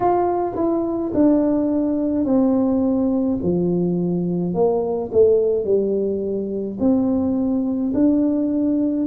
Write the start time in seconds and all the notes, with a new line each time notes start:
0.00 F4
0.55 E4
1.13 D4
2.24 C4
3.42 F3
4.53 A#3
5.11 A3
5.64 G3
6.79 C4
7.93 D4